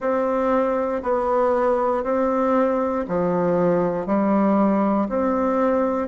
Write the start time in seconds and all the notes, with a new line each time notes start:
0.00 C4
1.02 B3
2.03 C4
3.07 F3
4.06 G3
5.08 C4